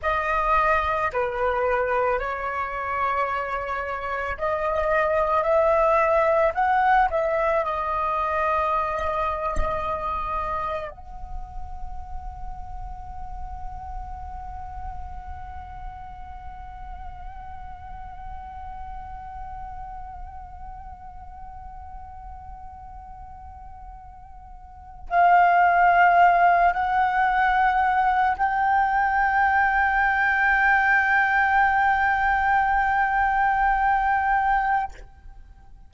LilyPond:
\new Staff \with { instrumentName = "flute" } { \time 4/4 \tempo 4 = 55 dis''4 b'4 cis''2 | dis''4 e''4 fis''8 e''8 dis''4~ | dis''2 fis''2~ | fis''1~ |
fis''1~ | fis''2. f''4~ | f''8 fis''4. g''2~ | g''1 | }